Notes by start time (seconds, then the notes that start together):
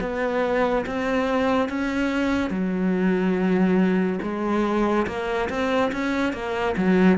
0.00 B3
0.86 C4
1.69 C#4
2.50 F#3
4.22 G#3
5.07 A#3
5.49 C4
5.92 C#4
6.33 A#3
6.77 F#3